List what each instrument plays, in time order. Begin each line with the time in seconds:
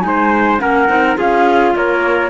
0.00 cello G#3, clarinet D#4, flute G#5
0.06 trumpet C5
0.59 cello A#3, clarinet C#4, trumpet A#4, flute F#5
0.88 cello C4, clarinet D#4
1.16 cello C#4, clarinet F4, trumpet G#4, flute F5
1.75 cello A#3, trumpet A#4, flute C#5